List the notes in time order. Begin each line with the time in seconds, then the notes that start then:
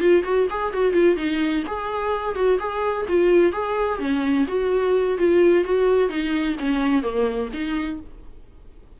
0.00 F4
0.24 F#4
0.50 G#4
0.73 F#4
0.93 F4
1.17 D#4
1.67 G#4
2.35 F#4
2.59 G#4
3.09 F4
3.52 G#4
3.99 C#4
4.47 F#4
5.18 F4
5.64 F#4
6.09 D#4
6.59 C#4
7.02 A#3
7.53 D#4